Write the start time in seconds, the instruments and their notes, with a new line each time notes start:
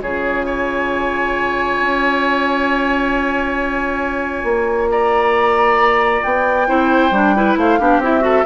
0.00 bassoon C#3, clarinet F4, oboe G#4, flute C#5
0.43 oboe C#5, flute G#5
1.81 bassoon C#4
4.44 bassoon A#3
4.91 oboe D5, flute A#5
6.23 bassoon B3, flute G5
6.67 bassoon C4, clarinet E4, oboe C5
7.11 bassoon G3, clarinet D4
7.36 clarinet E4, oboe B4
7.57 bassoon A3, oboe C5, flute F5
7.79 bassoon B3, clarinet D4, oboe G4
7.99 bassoon C4, clarinet E4, flute E5
8.21 clarinet F#4, oboe A4